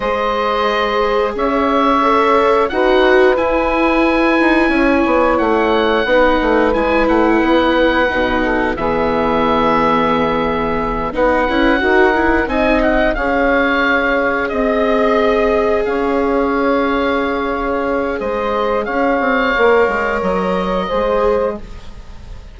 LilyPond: <<
  \new Staff \with { instrumentName = "oboe" } { \time 4/4 \tempo 4 = 89 dis''2 e''2 | fis''4 gis''2. | fis''2 gis''8 fis''4.~ | fis''4 e''2.~ |
e''8 fis''2 gis''8 fis''8 f''8~ | f''4. dis''2 f''8~ | f''2. dis''4 | f''2 dis''2 | }
  \new Staff \with { instrumentName = "saxophone" } { \time 4/4 c''2 cis''2 | b'2. cis''4~ | cis''4 b'2.~ | b'8 a'8 gis'2.~ |
gis'8 b'4 ais'4 dis''4 cis''8~ | cis''4. dis''2 cis''8~ | cis''2. c''4 | cis''2. c''4 | }
  \new Staff \with { instrumentName = "viola" } { \time 4/4 gis'2. a'4 | fis'4 e'2.~ | e'4 dis'4 e'2 | dis'4 b2.~ |
b8 dis'8 e'8 fis'8 e'8 dis'4 gis'8~ | gis'1~ | gis'1~ | gis'4 ais'2 gis'4 | }
  \new Staff \with { instrumentName = "bassoon" } { \time 4/4 gis2 cis'2 | dis'4 e'4. dis'8 cis'8 b8 | a4 b8 a8 gis8 a8 b4 | b,4 e2.~ |
e8 b8 cis'8 dis'4 c'4 cis'8~ | cis'4. c'2 cis'8~ | cis'2. gis4 | cis'8 c'8 ais8 gis8 fis4 gis4 | }
>>